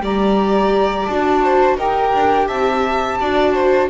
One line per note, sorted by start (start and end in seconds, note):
0.00 1.06 G3
0.00 1.09 G4
0.00 1.43 D5
0.00 1.06 A#5
1.06 1.77 D4
1.06 1.79 F#4
1.06 1.76 A5
1.43 1.77 C5
1.77 2.12 D#4
1.77 3.20 G4
1.77 2.47 A#4
1.77 2.47 G5
2.14 2.49 D4
2.47 3.19 C4
2.47 3.18 E5
2.47 3.89 A5
3.20 3.89 D4
3.20 3.89 F#4
3.20 3.54 D5
3.54 3.89 C5